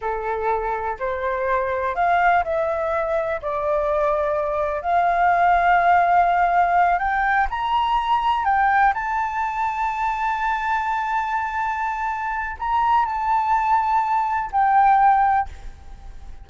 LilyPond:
\new Staff \with { instrumentName = "flute" } { \time 4/4 \tempo 4 = 124 a'2 c''2 | f''4 e''2 d''4~ | d''2 f''2~ | f''2~ f''8 g''4 ais''8~ |
ais''4. g''4 a''4.~ | a''1~ | a''2 ais''4 a''4~ | a''2 g''2 | }